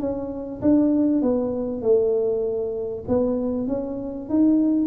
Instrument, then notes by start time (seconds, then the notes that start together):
tuba
0.00 C#4
0.62 D4
1.22 B3
1.82 A3
3.08 B3
3.68 C#4
4.29 D#4